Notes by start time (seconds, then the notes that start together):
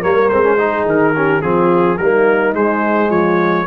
0.00 G3 A#3 A#4 C#5
0.29 G#3 C4 C5
0.43 C#4
0.58 D#4 G#4
0.86 D#3 A#4
1.14 C#4 G4
1.42 F3 C4 F4 G#4
1.97 G3 A#3 D#4 A#4
2.54 G#3 C5
3.10 F3 F4 C#5